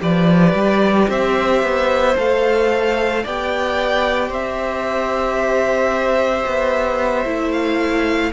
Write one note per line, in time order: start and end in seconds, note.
0.00 0.53 F3
0.00 2.14 G4
0.00 1.09 B4
0.00 1.09 D5
0.53 1.07 G3
1.08 1.62 C4
1.08 3.23 C5
1.08 2.17 E5
1.62 2.16 B3
2.16 3.24 A3
2.16 3.23 A4
2.16 3.25 F5
3.23 4.29 B3
3.23 7.25 G4
3.23 4.28 D5
3.23 4.33 G5
4.28 6.44 C4
4.28 8.30 C5
4.28 7.51 E5
6.46 7.25 B3
7.25 8.32 A3
7.25 8.32 E4
7.51 8.31 F5